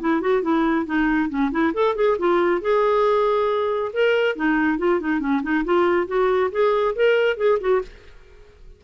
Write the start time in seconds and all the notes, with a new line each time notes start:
0.00 E4
0.21 F#4
0.42 E4
0.86 D#4
1.29 C#4
1.51 E4
1.74 A4
1.95 G#4
2.19 F4
2.61 G#4
3.93 A#4
4.36 D#4
4.78 F4
5.00 D#4
5.20 C#4
5.42 D#4
5.65 F4
6.07 F#4
6.51 G#4
6.95 A#4
7.37 G#4
7.60 F#4